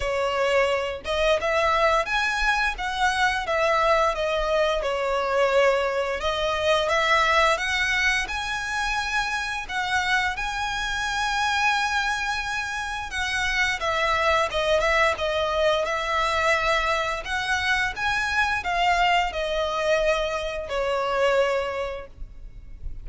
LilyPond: \new Staff \with { instrumentName = "violin" } { \time 4/4 \tempo 4 = 87 cis''4. dis''8 e''4 gis''4 | fis''4 e''4 dis''4 cis''4~ | cis''4 dis''4 e''4 fis''4 | gis''2 fis''4 gis''4~ |
gis''2. fis''4 | e''4 dis''8 e''8 dis''4 e''4~ | e''4 fis''4 gis''4 f''4 | dis''2 cis''2 | }